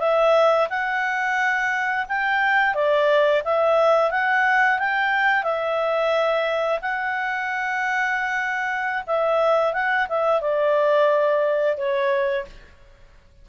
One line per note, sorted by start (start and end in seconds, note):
0.00 0.68 E5
0.70 2.06 F#5
2.09 2.75 G5
2.75 3.43 D5
3.45 4.11 E5
4.11 4.79 F#5
4.79 5.43 G5
5.43 6.80 E5
6.82 9.04 F#5
9.07 9.73 E5
9.73 10.08 F#5
10.09 10.41 E5
10.41 11.77 D5
11.77 12.46 C#5